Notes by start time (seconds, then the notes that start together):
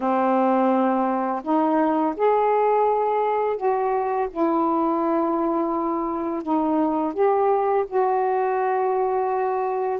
0.00 C4
1.43 D#4
2.16 G#4
3.56 F#4
4.30 E4
6.43 D#4
7.13 G4
7.87 F#4